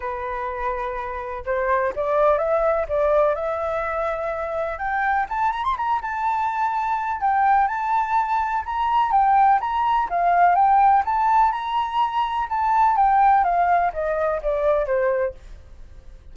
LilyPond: \new Staff \with { instrumentName = "flute" } { \time 4/4 \tempo 4 = 125 b'2. c''4 | d''4 e''4 d''4 e''4~ | e''2 g''4 a''8 ais''16 c'''16 | ais''8 a''2~ a''8 g''4 |
a''2 ais''4 g''4 | ais''4 f''4 g''4 a''4 | ais''2 a''4 g''4 | f''4 dis''4 d''4 c''4 | }